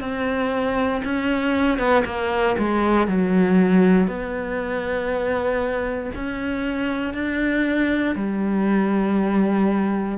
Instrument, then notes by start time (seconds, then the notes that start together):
cello
0.00 C4
1.04 C#4
1.78 B3
2.05 A#3
2.58 G#3
3.08 F#3
4.07 B3
6.15 C#4
7.14 D4
8.15 G3